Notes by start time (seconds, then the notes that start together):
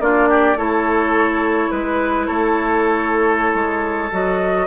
0.00 A#3 D4 F4 D5
0.29 G4
0.56 A3 E4 A4 C#5
1.71 G#3 B4
2.27 A3 A4 C#5
3.54 G#3
4.12 F#3 F#4 D#5